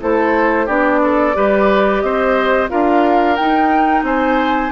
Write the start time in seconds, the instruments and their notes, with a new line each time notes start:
0.00 bassoon A3, clarinet E4, oboe A4, flute C5
0.66 bassoon B3, clarinet D4, oboe G4, flute D5
1.03 oboe A4
1.34 bassoon G3, clarinet G4, oboe B4
2.00 bassoon C4, oboe C5, flute D#5
2.68 bassoon D4, clarinet F4, oboe A#4, flute F5
3.35 bassoon D#4, clarinet D#4, flute G5
4.03 bassoon C4, oboe C5, flute G#5